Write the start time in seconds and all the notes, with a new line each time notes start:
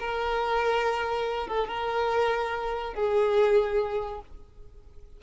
0.00 A#4
1.48 A4
1.68 A#4
2.94 G#4